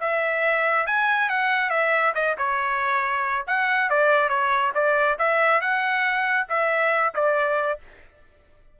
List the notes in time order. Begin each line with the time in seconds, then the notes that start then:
0.00 E5
0.87 G#5
1.29 F#5
1.70 E5
2.14 D#5
2.38 C#5
3.47 F#5
3.90 D5
4.29 C#5
4.74 D5
5.19 E5
5.61 F#5
6.49 E5
7.14 D5